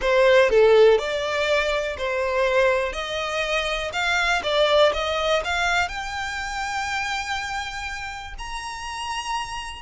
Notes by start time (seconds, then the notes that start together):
0.01 C5
0.49 A4
0.98 D5
1.97 C5
2.92 D#5
3.92 F5
4.43 D5
4.93 D#5
5.44 F5
5.88 G5
8.38 A#5